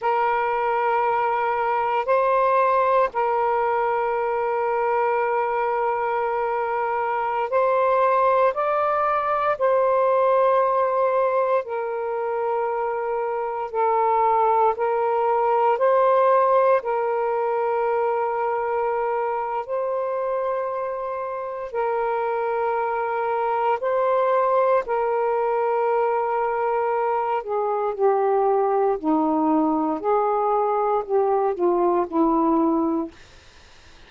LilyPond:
\new Staff \with { instrumentName = "saxophone" } { \time 4/4 \tempo 4 = 58 ais'2 c''4 ais'4~ | ais'2.~ ais'16 c''8.~ | c''16 d''4 c''2 ais'8.~ | ais'4~ ais'16 a'4 ais'4 c''8.~ |
c''16 ais'2~ ais'8. c''4~ | c''4 ais'2 c''4 | ais'2~ ais'8 gis'8 g'4 | dis'4 gis'4 g'8 f'8 e'4 | }